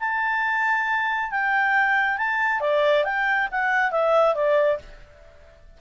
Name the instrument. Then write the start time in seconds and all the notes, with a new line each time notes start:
clarinet
0.00 A5
1.31 G5
2.18 A5
2.61 D5
3.05 G5
3.52 F#5
3.92 E5
4.35 D5